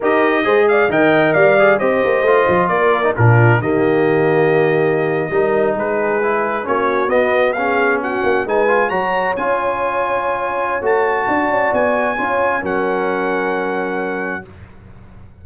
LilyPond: <<
  \new Staff \with { instrumentName = "trumpet" } { \time 4/4 \tempo 4 = 133 dis''4. f''8 g''4 f''4 | dis''2 d''4 ais'4 | dis''1~ | dis''8. b'2 cis''4 dis''16~ |
dis''8. f''4 fis''4 gis''4 ais''16~ | ais''8. gis''2.~ gis''16 | a''2 gis''2 | fis''1 | }
  \new Staff \with { instrumentName = "horn" } { \time 4/4 ais'4 c''8 d''8 dis''4 d''4 | c''2 ais'4 f'4 | g'2.~ g'8. ais'16~ | ais'8. gis'2 fis'4~ fis'16~ |
fis'8. gis'4 fis'4 b'4 cis''16~ | cis''1~ | cis''4 d''2 cis''4 | ais'1 | }
  \new Staff \with { instrumentName = "trombone" } { \time 4/4 g'4 gis'4 ais'4. gis'8 | g'4 f'4.~ f'16 dis'16 d'4 | ais2.~ ais8. dis'16~ | dis'4.~ dis'16 e'4 cis'4 b16~ |
b8. cis'2 dis'8 f'8 fis'16~ | fis'8. f'2.~ f'16 | fis'2. f'4 | cis'1 | }
  \new Staff \with { instrumentName = "tuba" } { \time 4/4 dis'4 gis4 dis4 g4 | c'8 ais8 a8 f8 ais4 ais,4 | dis2.~ dis8. g16~ | g8. gis2 ais4 b16~ |
b2~ b16 ais8 gis4 fis16~ | fis8. cis'2.~ cis'16 | a4 d'8 cis'8 b4 cis'4 | fis1 | }
>>